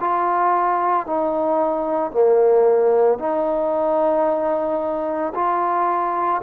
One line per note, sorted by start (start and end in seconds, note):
0.00 1.06 F4
1.06 2.11 D#4
2.11 3.19 A#3
3.19 5.33 D#4
5.34 6.41 F4